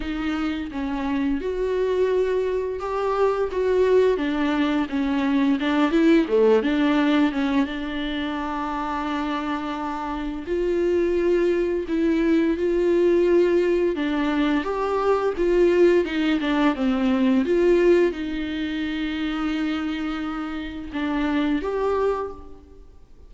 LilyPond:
\new Staff \with { instrumentName = "viola" } { \time 4/4 \tempo 4 = 86 dis'4 cis'4 fis'2 | g'4 fis'4 d'4 cis'4 | d'8 e'8 a8 d'4 cis'8 d'4~ | d'2. f'4~ |
f'4 e'4 f'2 | d'4 g'4 f'4 dis'8 d'8 | c'4 f'4 dis'2~ | dis'2 d'4 g'4 | }